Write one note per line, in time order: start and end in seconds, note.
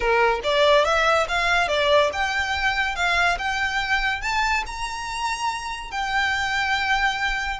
0.00 0.40 A#4
0.43 0.84 D5
0.84 1.27 E5
1.28 1.68 F5
1.68 2.10 D5
2.12 2.95 G5
2.95 3.37 F5
3.38 4.21 G5
4.21 4.63 A5
4.66 5.91 A#5
5.91 7.59 G5